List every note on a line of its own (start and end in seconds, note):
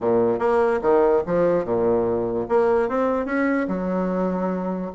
0.00 0.39 A#2
0.39 0.80 A#3
0.81 1.22 D#3
1.26 1.64 F3
1.64 2.47 A#2
2.48 2.88 A#3
2.88 3.25 C4
3.25 3.66 C#4
3.68 4.91 F#3